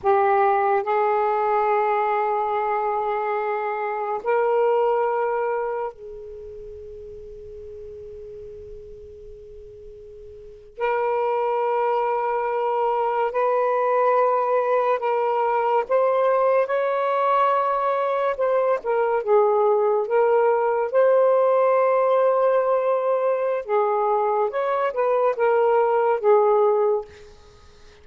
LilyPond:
\new Staff \with { instrumentName = "saxophone" } { \time 4/4 \tempo 4 = 71 g'4 gis'2.~ | gis'4 ais'2 gis'4~ | gis'1~ | gis'8. ais'2. b'16~ |
b'4.~ b'16 ais'4 c''4 cis''16~ | cis''4.~ cis''16 c''8 ais'8 gis'4 ais'16~ | ais'8. c''2.~ c''16 | gis'4 cis''8 b'8 ais'4 gis'4 | }